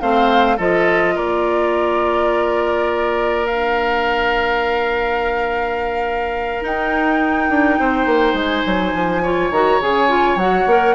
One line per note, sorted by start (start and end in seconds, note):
0.00 0.58 A3
0.00 0.58 C4
0.00 0.56 C5
0.00 0.58 F5
0.56 1.16 F3
0.56 3.46 F4
0.56 1.14 A4
0.56 1.16 D#5
1.15 6.63 A#3
1.15 7.78 A#4
1.15 3.46 D5
3.46 6.61 D4
3.46 6.63 F5
6.61 9.20 D#4
6.61 7.49 D#4
6.61 8.38 G5
7.49 7.78 D4
7.79 8.05 C4
7.79 9.22 C5
8.05 8.33 A#3
8.33 8.62 G#3
8.40 9.52 G#5
8.65 8.93 F#3
8.93 9.50 F3
9.22 9.52 F4
9.22 10.94 C#5
9.50 9.79 D#3
9.50 9.81 F#4
9.50 9.81 A#5
9.81 10.35 C#3
9.81 10.09 G#4
9.81 10.37 G#5
10.09 10.37 F4
10.35 10.64 F#3
10.35 10.69 F#4
10.35 10.94 F#5
10.66 10.94 A#3
10.66 10.94 A#4